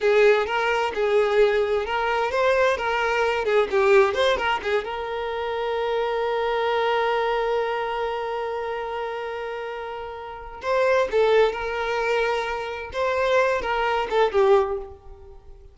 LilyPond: \new Staff \with { instrumentName = "violin" } { \time 4/4 \tempo 4 = 130 gis'4 ais'4 gis'2 | ais'4 c''4 ais'4. gis'8 | g'4 c''8 ais'8 gis'8 ais'4.~ | ais'1~ |
ais'1~ | ais'2. c''4 | a'4 ais'2. | c''4. ais'4 a'8 g'4 | }